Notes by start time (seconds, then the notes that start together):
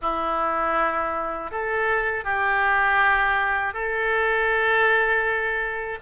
0.01 E4
1.51 A4
2.24 G4
3.73 A4